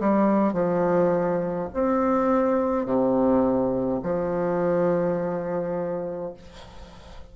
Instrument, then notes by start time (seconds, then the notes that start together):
bassoon
0.00 G3
0.53 F3
1.74 C4
2.86 C3
4.03 F3